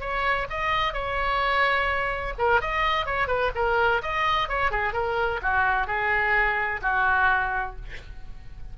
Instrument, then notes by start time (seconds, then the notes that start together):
oboe
0.00 C#5
0.50 D#5
0.93 C#5
2.38 A#4
2.61 D#5
3.06 C#5
3.27 B4
3.55 A#4
4.02 D#5
4.49 C#5
4.71 G#4
4.93 A#4
5.42 F#4
5.87 G#4
6.82 F#4